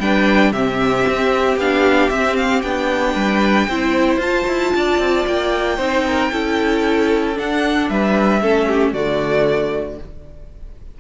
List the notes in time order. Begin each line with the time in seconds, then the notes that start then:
0.00 G3 D4 B4 G5
0.52 C3 C4 G4 E5
1.08 C4
1.57 B3 D4 F5
2.10 C4 E5
2.37 F5
2.62 B3 D4 G5
3.14 G3 B4
3.69 C4 E4 C5
4.17 F4 A5
4.48 E4
4.75 D4 D5
4.99 C4
5.27 A#3 G5
5.77 C4 D#4 C5
6.07 A#4
6.33 C#4 E4 A4
7.35 D4 F#5
7.90 G3 B4 E5
8.42 A3 C#4 A4
8.68 G4
8.94 D3 A3 F#4 D5